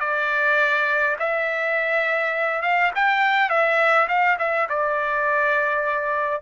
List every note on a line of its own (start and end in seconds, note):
0.00 1.17 D5
1.19 2.62 E5
2.62 2.91 F5
2.95 3.50 G5
3.50 4.08 E5
4.08 4.37 F5
4.39 4.68 E5
4.69 6.42 D5